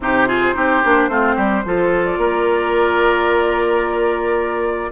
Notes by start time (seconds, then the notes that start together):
0.00 C3 D#4 G4 C5
0.27 F4 G#4
0.54 C4 D#4 G4
0.84 A#3 D4
1.08 A3 C4 F4
1.35 G3 G4
1.64 F3 F4 A4
2.05 D5
2.17 A#3 A#4